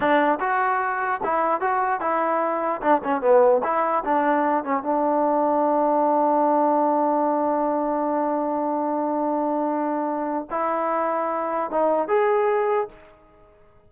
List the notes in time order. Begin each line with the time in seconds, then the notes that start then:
0.00 D4
0.40 F#4
1.23 E4
1.61 F#4
2.00 E4
2.81 D4
3.04 C#4
3.21 B3
3.63 E4
4.04 D4
4.64 C#4
4.82 D4
10.50 E4
11.70 D#4
12.08 G#4